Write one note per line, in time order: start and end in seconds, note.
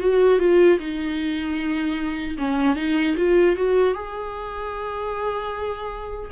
0.00 0.39 F#4
0.39 0.79 F4
0.79 2.37 D#4
2.38 2.76 C#4
2.76 3.15 D#4
3.17 3.56 F4
3.56 3.94 F#4
3.94 6.31 G#4